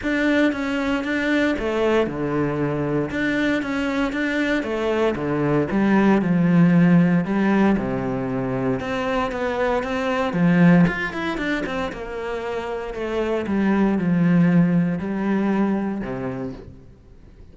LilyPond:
\new Staff \with { instrumentName = "cello" } { \time 4/4 \tempo 4 = 116 d'4 cis'4 d'4 a4 | d2 d'4 cis'4 | d'4 a4 d4 g4 | f2 g4 c4~ |
c4 c'4 b4 c'4 | f4 f'8 e'8 d'8 c'8 ais4~ | ais4 a4 g4 f4~ | f4 g2 c4 | }